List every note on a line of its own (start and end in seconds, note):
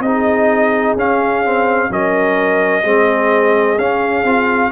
0.00 0.94 C4
0.00 0.98 D#4
0.00 1.91 G#4
0.00 0.96 D#5
0.95 1.89 C#4
0.95 1.45 C#4
0.95 1.92 F5
1.45 1.90 C4
1.90 2.84 F#3
1.90 2.84 C#4
1.90 2.84 A#4
1.90 3.79 D#5
2.84 3.78 G#3
2.84 3.78 C4
2.84 4.71 G#4
3.78 4.24 C#4
3.78 4.26 C#4
3.78 4.72 F5
4.24 4.71 C4
4.24 4.72 F4